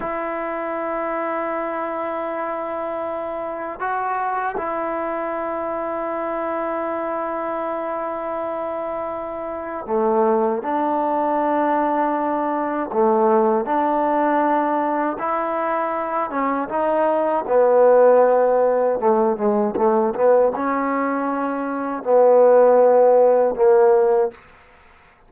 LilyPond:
\new Staff \with { instrumentName = "trombone" } { \time 4/4 \tempo 4 = 79 e'1~ | e'4 fis'4 e'2~ | e'1~ | e'4 a4 d'2~ |
d'4 a4 d'2 | e'4. cis'8 dis'4 b4~ | b4 a8 gis8 a8 b8 cis'4~ | cis'4 b2 ais4 | }